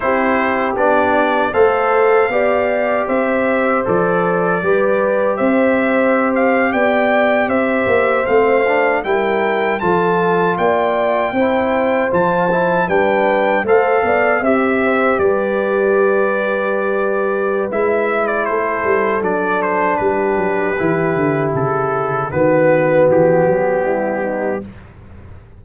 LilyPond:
<<
  \new Staff \with { instrumentName = "trumpet" } { \time 4/4 \tempo 4 = 78 c''4 d''4 f''2 | e''4 d''2 e''4~ | e''16 f''8 g''4 e''4 f''4 g''16~ | g''8. a''4 g''2 a''16~ |
a''8. g''4 f''4 e''4 d''16~ | d''2. e''8. d''16 | c''4 d''8 c''8 b'2 | a'4 b'4 g'2 | }
  \new Staff \with { instrumentName = "horn" } { \time 4/4 g'2 c''4 d''4 | c''2 b'4 c''4~ | c''8. d''4 c''2 ais'16~ | ais'8. a'4 d''4 c''4~ c''16~ |
c''8. b'4 c''8 d''8 e''8 c''8 b'16~ | b'1 | a'2 g'2~ | g'4 fis'2 e'8 dis'8 | }
  \new Staff \with { instrumentName = "trombone" } { \time 4/4 e'4 d'4 a'4 g'4~ | g'4 a'4 g'2~ | g'2~ g'8. c'8 d'8 e'16~ | e'8. f'2 e'4 f'16~ |
f'16 e'8 d'4 a'4 g'4~ g'16~ | g'2. e'4~ | e'4 d'2 e'4~ | e'4 b2. | }
  \new Staff \with { instrumentName = "tuba" } { \time 4/4 c'4 b4 a4 b4 | c'4 f4 g4 c'4~ | c'8. b4 c'8 ais8 a4 g16~ | g8. f4 ais4 c'4 f16~ |
f8. g4 a8 b8 c'4 g16~ | g2. gis4 | a8 g8 fis4 g8 fis8 e8 d8 | cis4 dis4 e8 fis8 g4 | }
>>